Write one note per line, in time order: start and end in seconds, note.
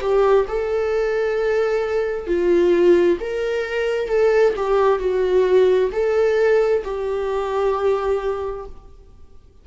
0.00 0.45 G4
0.48 2.27 A4
2.27 3.18 F4
3.20 4.08 A#4
4.08 4.54 A4
4.56 4.99 G4
4.99 5.90 F#4
5.92 6.83 A4
6.84 8.66 G4